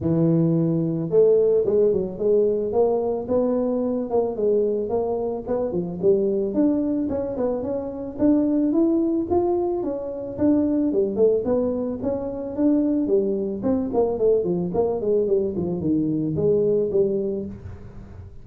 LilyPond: \new Staff \with { instrumentName = "tuba" } { \time 4/4 \tempo 4 = 110 e2 a4 gis8 fis8 | gis4 ais4 b4. ais8 | gis4 ais4 b8 f8 g4 | d'4 cis'8 b8 cis'4 d'4 |
e'4 f'4 cis'4 d'4 | g8 a8 b4 cis'4 d'4 | g4 c'8 ais8 a8 f8 ais8 gis8 | g8 f8 dis4 gis4 g4 | }